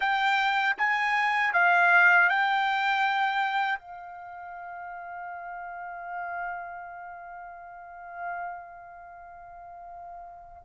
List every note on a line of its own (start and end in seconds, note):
0.00 0.76 G5
0.77 1.53 G#5
1.53 2.29 F5
2.29 3.78 G5
3.78 10.62 F5